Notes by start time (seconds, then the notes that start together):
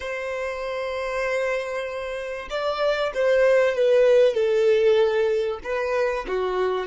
0.00 C5
2.49 D5
3.14 C5
3.75 B4
4.34 A4
5.63 B4
6.27 F#4